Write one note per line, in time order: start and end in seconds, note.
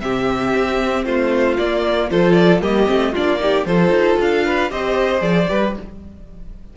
0.00 0.53 C3
0.00 1.57 C4
0.00 1.05 G4
0.00 1.04 E5
0.55 1.05 C4
1.05 1.57 A3
1.05 2.09 F4
1.05 1.57 C5
1.57 2.11 A#3
1.57 2.10 A#3
1.57 2.10 D5
2.10 2.61 F3
2.10 2.61 F4
2.10 2.62 A4
2.10 2.32 C5
2.32 2.58 D5
2.61 2.87 G3
2.61 2.86 A#3
2.61 3.12 G4
2.61 3.14 D#5
2.86 3.14 A3
2.86 3.12 C4
3.12 3.65 A#3
3.12 3.38 D4
3.12 3.38 F4
3.12 3.65 D5
3.38 3.64 D#4
3.38 3.67 G4
3.65 3.89 F3
3.65 4.69 F4
3.65 4.45 A4
3.65 4.18 C5
3.89 4.15 D#4
4.19 4.70 D4
4.19 4.70 F5
4.45 4.71 B4
4.69 5.20 C4
4.69 5.19 G4
4.69 5.49 C5
4.69 5.21 D#5
5.19 5.47 F3
5.19 5.45 G#4
5.19 5.73 D5
5.48 5.76 G3
5.48 5.74 G4
5.48 5.76 B4